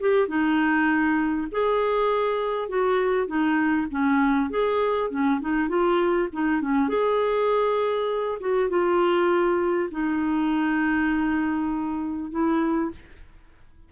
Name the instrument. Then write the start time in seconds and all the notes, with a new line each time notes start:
clarinet
0.00 G4
0.28 D#4
1.51 G#4
2.69 F#4
3.27 D#4
3.91 C#4
4.50 G#4
5.10 C#4
5.41 D#4
5.69 F4
6.33 D#4
6.61 C#4
6.89 G#4
8.40 F#4
8.69 F4
9.91 D#4
12.31 E4